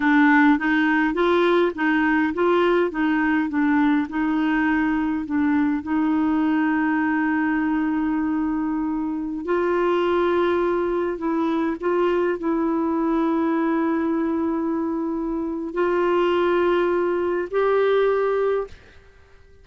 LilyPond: \new Staff \with { instrumentName = "clarinet" } { \time 4/4 \tempo 4 = 103 d'4 dis'4 f'4 dis'4 | f'4 dis'4 d'4 dis'4~ | dis'4 d'4 dis'2~ | dis'1~ |
dis'16 f'2. e'8.~ | e'16 f'4 e'2~ e'8.~ | e'2. f'4~ | f'2 g'2 | }